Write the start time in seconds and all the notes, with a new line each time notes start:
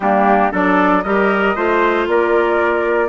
0.00 G3 A#3 D4 G4
0.51 F#3 D4 A4 D5
1.03 G3 G4 A#4 D#5
1.55 A3 F4 C5
2.07 A#3 A#4 D5